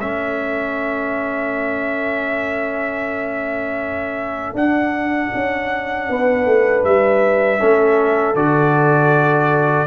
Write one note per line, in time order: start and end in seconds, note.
0.00 4.54 A3
0.00 4.56 C#4
0.00 6.10 A4
0.00 4.56 E5
4.54 5.30 D4
4.54 7.59 D4
4.54 6.84 F#5
5.34 6.09 C#4
6.09 6.45 B3
6.09 7.60 B4
6.45 6.83 A3
6.84 7.60 G3
6.84 8.35 E5
7.59 8.35 A3
7.59 8.35 C#4
7.59 9.87 A4
8.35 9.87 D3
8.35 9.87 F#4
8.35 9.87 D5